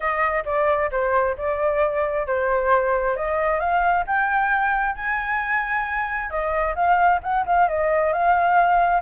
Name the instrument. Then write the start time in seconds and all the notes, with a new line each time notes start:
flute
0.00 D#5
0.45 D5
0.91 C5
1.37 D5
2.26 C5
3.16 D#5
3.59 F5
4.06 G5
4.95 G#5
6.29 D#5
6.75 F5
7.22 F#5
7.46 F5
7.68 D#5
8.12 F5